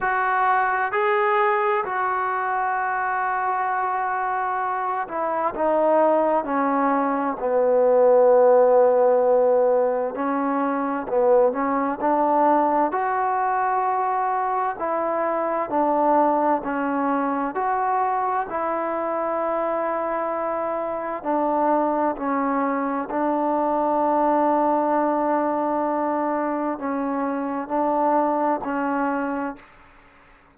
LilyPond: \new Staff \with { instrumentName = "trombone" } { \time 4/4 \tempo 4 = 65 fis'4 gis'4 fis'2~ | fis'4. e'8 dis'4 cis'4 | b2. cis'4 | b8 cis'8 d'4 fis'2 |
e'4 d'4 cis'4 fis'4 | e'2. d'4 | cis'4 d'2.~ | d'4 cis'4 d'4 cis'4 | }